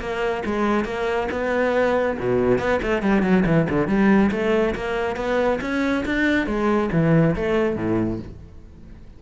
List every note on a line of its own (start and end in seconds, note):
0.00 0.43 A#3
0.46 0.85 G#3
0.85 1.28 A#3
1.32 2.18 B3
2.19 2.59 B2
2.59 2.80 B3
2.83 3.03 A3
3.03 3.22 G3
3.22 3.44 F#3
3.46 3.68 E3
3.70 3.88 D3
3.88 4.31 G3
4.32 4.75 A3
4.75 5.16 A#3
5.16 5.60 B3
5.61 6.05 C#4
6.05 6.47 D4
6.47 6.90 G#3
6.92 7.36 E3
7.36 7.76 A3
7.76 8.20 A2